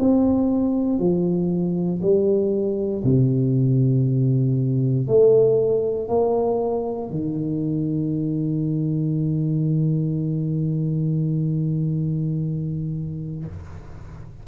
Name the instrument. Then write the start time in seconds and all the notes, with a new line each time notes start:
tuba
0.00 C4
0.99 F3
2.02 G3
3.04 C3
5.08 A3
6.09 A#3
7.10 D#3